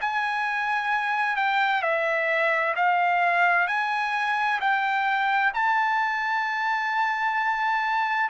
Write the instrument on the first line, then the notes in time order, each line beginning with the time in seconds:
trumpet
0.00 G#5
1.36 G5
1.82 E5
2.75 F5
3.67 G#5
4.60 G5
5.53 A5